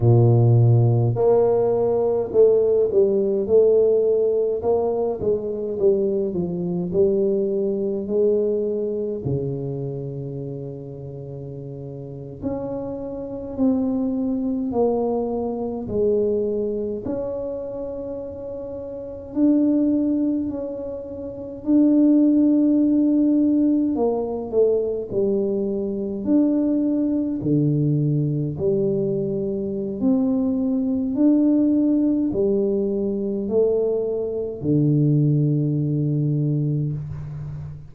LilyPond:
\new Staff \with { instrumentName = "tuba" } { \time 4/4 \tempo 4 = 52 ais,4 ais4 a8 g8 a4 | ais8 gis8 g8 f8 g4 gis4 | cis2~ cis8. cis'4 c'16~ | c'8. ais4 gis4 cis'4~ cis'16~ |
cis'8. d'4 cis'4 d'4~ d'16~ | d'8. ais8 a8 g4 d'4 d16~ | d8. g4~ g16 c'4 d'4 | g4 a4 d2 | }